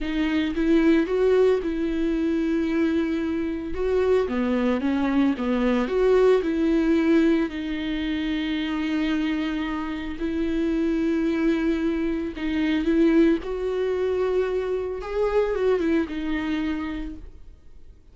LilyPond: \new Staff \with { instrumentName = "viola" } { \time 4/4 \tempo 4 = 112 dis'4 e'4 fis'4 e'4~ | e'2. fis'4 | b4 cis'4 b4 fis'4 | e'2 dis'2~ |
dis'2. e'4~ | e'2. dis'4 | e'4 fis'2. | gis'4 fis'8 e'8 dis'2 | }